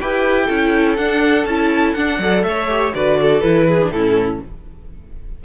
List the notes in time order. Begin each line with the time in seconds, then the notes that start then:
0.00 E4 G4 B4 G5
0.46 C#4 E4 A4
0.97 D4 F#5
1.45 C#4 E4 A5
1.94 D4 F#5
2.19 F#3 A4 D5
2.43 A3 C#5 E5
2.69 G4
2.94 D3 F#4 B4 D5
3.21 A4
3.41 E3 E4 B4
3.68 G#4
3.82 D4
3.90 A2 C#4 E4 A4